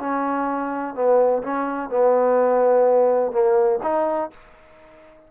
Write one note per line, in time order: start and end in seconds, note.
0.00 0.95 C#4
0.95 1.43 B3
1.43 1.90 C#4
1.90 3.32 B3
3.32 3.80 A#3
3.83 4.31 D#4